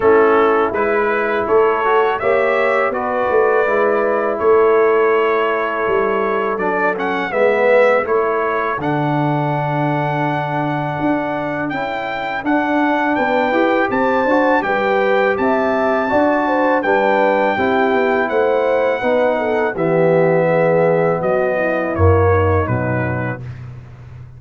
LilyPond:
<<
  \new Staff \with { instrumentName = "trumpet" } { \time 4/4 \tempo 4 = 82 a'4 b'4 cis''4 e''4 | d''2 cis''2~ | cis''4 d''8 fis''8 e''4 cis''4 | fis''1 |
g''4 fis''4 g''4 a''4 | g''4 a''2 g''4~ | g''4 fis''2 e''4~ | e''4 dis''4 cis''4 b'4 | }
  \new Staff \with { instrumentName = "horn" } { \time 4/4 e'2 a'4 cis''4 | b'2 a'2~ | a'2 b'4 a'4~ | a'1~ |
a'2 b'4 c''4 | b'4 e''4 d''8 c''8 b'4 | g'4 c''4 b'8 a'8 g'4 | gis'4 fis'8 e'4 dis'4. | }
  \new Staff \with { instrumentName = "trombone" } { \time 4/4 cis'4 e'4. fis'8 g'4 | fis'4 e'2.~ | e'4 d'8 cis'8 b4 e'4 | d'1 |
e'4 d'4. g'4 fis'8 | g'2 fis'4 d'4 | e'2 dis'4 b4~ | b2 ais4 fis4 | }
  \new Staff \with { instrumentName = "tuba" } { \time 4/4 a4 gis4 a4 ais4 | b8 a8 gis4 a2 | g4 fis4 gis4 a4 | d2. d'4 |
cis'4 d'4 b8 e'8 c'8 d'8 | g4 c'4 d'4 g4 | c'8 b8 a4 b4 e4~ | e4 fis4 fis,4 b,4 | }
>>